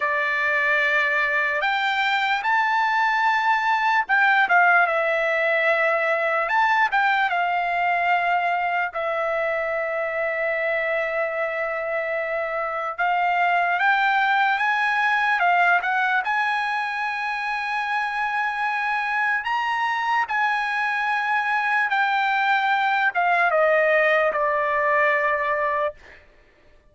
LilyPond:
\new Staff \with { instrumentName = "trumpet" } { \time 4/4 \tempo 4 = 74 d''2 g''4 a''4~ | a''4 g''8 f''8 e''2 | a''8 g''8 f''2 e''4~ | e''1 |
f''4 g''4 gis''4 f''8 fis''8 | gis''1 | ais''4 gis''2 g''4~ | g''8 f''8 dis''4 d''2 | }